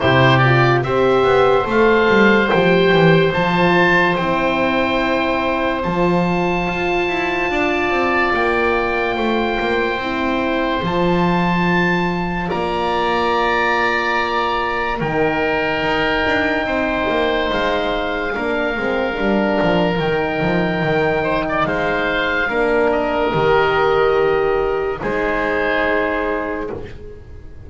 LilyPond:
<<
  \new Staff \with { instrumentName = "oboe" } { \time 4/4 \tempo 4 = 72 c''8 d''8 e''4 f''4 g''4 | a''4 g''2 a''4~ | a''2 g''2~ | g''4 a''2 ais''4~ |
ais''2 g''2~ | g''4 f''2. | g''2 f''4. dis''8~ | dis''2 c''2 | }
  \new Staff \with { instrumentName = "oboe" } { \time 4/4 g'4 c''2.~ | c''1~ | c''4 d''2 c''4~ | c''2. d''4~ |
d''2 ais'2 | c''2 ais'2~ | ais'4. c''16 d''16 c''4 ais'4~ | ais'2 gis'2 | }
  \new Staff \with { instrumentName = "horn" } { \time 4/4 e'8 f'8 g'4 a'4 g'4 | f'4 e'2 f'4~ | f'1 | e'4 f'2.~ |
f'2 dis'2~ | dis'2 d'8 c'8 d'4 | dis'2. d'4 | g'2 dis'2 | }
  \new Staff \with { instrumentName = "double bass" } { \time 4/4 c4 c'8 b8 a8 g8 f8 e8 | f4 c'2 f4 | f'8 e'8 d'8 c'8 ais4 a8 ais8 | c'4 f2 ais4~ |
ais2 dis4 dis'8 d'8 | c'8 ais8 gis4 ais8 gis8 g8 f8 | dis8 f8 dis4 gis4 ais4 | dis2 gis2 | }
>>